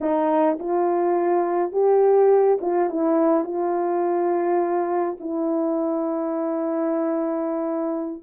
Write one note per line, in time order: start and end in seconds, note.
0.01 0.58 D#4
0.59 1.72 F4
1.72 2.58 G4
2.61 2.89 F4
2.89 3.44 E4
3.44 5.17 F4
5.19 8.22 E4